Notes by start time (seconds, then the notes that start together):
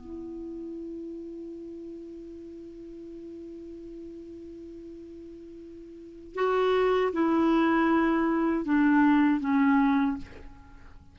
0.00 E4
6.35 F#4
7.13 E4
8.65 D4
9.40 C#4